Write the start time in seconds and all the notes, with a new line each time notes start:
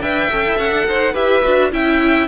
0.00 D4 B4 E5 G5
0.30 C#4 A4
0.45 E4
0.58 C#4 F#5
0.70 D4
0.86 D#4 C5
1.13 E4 G4 B4 E5
1.44 D4 F#4
1.71 C#4 E4 E5 G5